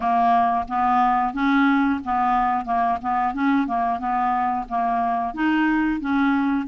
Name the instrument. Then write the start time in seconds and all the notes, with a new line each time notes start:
clarinet
0.00 A#3
0.68 B3
1.33 C#4
2.04 B3
2.65 A#3
3.02 B3
3.34 C#4
3.67 A#3
3.99 B3
4.68 A#3
5.34 D#4
6.00 C#4